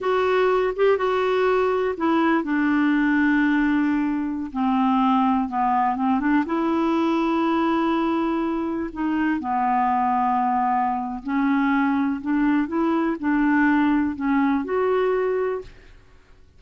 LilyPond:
\new Staff \with { instrumentName = "clarinet" } { \time 4/4 \tempo 4 = 123 fis'4. g'8 fis'2 | e'4 d'2.~ | d'4~ d'16 c'2 b8.~ | b16 c'8 d'8 e'2~ e'8.~ |
e'2~ e'16 dis'4 b8.~ | b2. cis'4~ | cis'4 d'4 e'4 d'4~ | d'4 cis'4 fis'2 | }